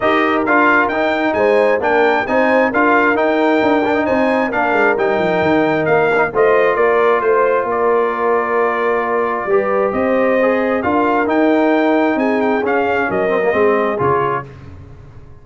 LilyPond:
<<
  \new Staff \with { instrumentName = "trumpet" } { \time 4/4 \tempo 4 = 133 dis''4 f''4 g''4 gis''4 | g''4 gis''4 f''4 g''4~ | g''4 gis''4 f''4 g''4~ | g''4 f''4 dis''4 d''4 |
c''4 d''2.~ | d''2 dis''2 | f''4 g''2 gis''8 g''8 | f''4 dis''2 cis''4 | }
  \new Staff \with { instrumentName = "horn" } { \time 4/4 ais'2. c''4 | ais'4 c''4 ais'2~ | ais'4 c''4 ais'2~ | ais'2 c''4 ais'4 |
c''4 ais'2.~ | ais'4 b'4 c''2 | ais'2. gis'4~ | gis'4 ais'4 gis'2 | }
  \new Staff \with { instrumentName = "trombone" } { \time 4/4 g'4 f'4 dis'2 | d'4 dis'4 f'4 dis'4~ | dis'8 d'16 dis'4~ dis'16 d'4 dis'4~ | dis'4. d'16 dis'16 f'2~ |
f'1~ | f'4 g'2 gis'4 | f'4 dis'2. | cis'4. c'16 ais16 c'4 f'4 | }
  \new Staff \with { instrumentName = "tuba" } { \time 4/4 dis'4 d'4 dis'4 gis4 | ais4 c'4 d'4 dis'4 | d'4 c'4 ais8 gis8 g8 f8 | dis4 ais4 a4 ais4 |
a4 ais2.~ | ais4 g4 c'2 | d'4 dis'2 c'4 | cis'4 fis4 gis4 cis4 | }
>>